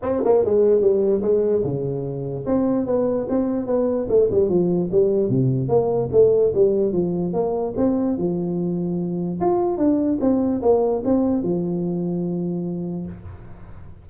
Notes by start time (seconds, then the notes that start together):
0.02 C4
0.24 A#3
0.44 G#3
0.80 G3
1.22 G#3
1.63 C#3
2.46 C4
2.86 B3
3.29 C4
3.66 B3
4.08 A3
4.30 G3
4.49 F3
4.91 G3
5.29 C3
5.68 A#3
6.12 A3
6.54 G3
6.92 F3
7.33 A#3
7.77 C4
8.17 F3
9.40 F4
9.77 D4
10.20 C4
10.61 A#3
11.04 C4
11.42 F3